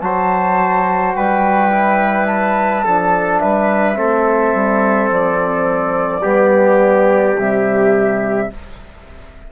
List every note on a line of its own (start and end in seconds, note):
0.00 1.14 F#3
0.00 1.71 F#4
0.00 1.16 C5
0.00 1.13 A5
1.15 2.86 G3
1.15 2.84 B4
1.15 2.26 G5
1.71 2.84 E4
2.26 3.39 A5
2.84 3.43 F3
2.84 3.94 D4
2.84 3.41 A4
3.39 3.98 G3
3.39 3.98 B4
3.39 5.09 E5
3.94 4.54 A3
3.94 6.21 C4
3.94 6.22 A4
4.54 5.10 G3
5.10 6.23 F3
5.10 7.39 D5
6.22 7.37 G3
6.22 7.37 B3
6.22 8.49 G4
7.37 8.50 C3
7.37 8.51 G3
7.37 8.52 E5